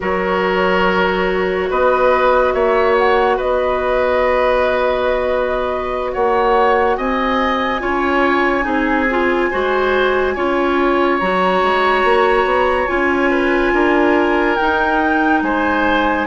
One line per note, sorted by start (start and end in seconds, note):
0.00 1.70 F#3
0.00 7.79 F#4
0.00 1.69 A#4
0.00 1.71 C#5
1.70 2.54 B3
1.70 2.54 B4
1.70 2.52 D#5
2.52 3.38 A#3
2.52 3.36 C#5
2.52 2.94 E5
2.97 3.38 F#5
3.36 6.15 B3
3.36 6.11 B4
3.36 6.12 D#5
6.12 6.97 A#3
6.12 6.97 C#5
6.12 6.96 F#5
6.96 7.81 C4
6.96 7.81 D#5
6.96 11.19 G#5
7.80 8.65 C#4
7.80 8.62 F4
7.80 8.65 C#5
8.62 9.49 C4
8.62 9.05 D#4
8.62 9.49 G#4
9.11 9.51 F4
9.50 10.36 G#3
9.50 10.36 F#4
9.50 10.34 C5
10.34 11.20 C#4
10.34 11.21 F4
10.34 13.30 C#5
11.19 11.62 F#3
11.19 12.87 F#4
11.19 12.87 A#5
11.62 12.03 G#3
12.03 12.44 A#3
12.44 12.86 B3
12.87 13.72 C#4
12.87 14.56 F4
12.87 14.56 G#5
13.30 13.72 B4
13.72 14.57 D4
13.72 15.43 A#4
14.56 16.27 D#4
14.56 15.42 D#4
14.56 15.40 G5
15.42 16.27 G#3
15.42 16.27 C5
15.42 16.27 G#5